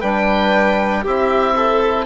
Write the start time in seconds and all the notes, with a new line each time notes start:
0.00 G3 D4 B4 G5
1.03 C4 E4 G4 E5
1.56 A4